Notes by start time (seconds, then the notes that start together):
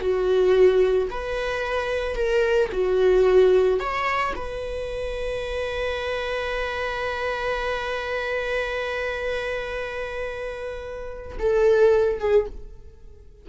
0.00 F#4
1.10 B4
2.15 A#4
2.72 F#4
3.80 C#5
4.35 B4
11.39 A4
12.19 G#4